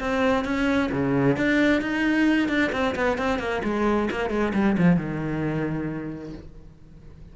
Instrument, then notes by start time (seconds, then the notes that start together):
cello
0.00 C4
0.45 C#4
0.92 C#3
1.37 D4
1.82 D#4
2.49 D4
2.73 C4
2.96 B3
3.18 C4
3.39 A#3
3.64 G#3
4.11 A#3
4.30 G#3
4.54 G3
4.78 F3
4.97 D#3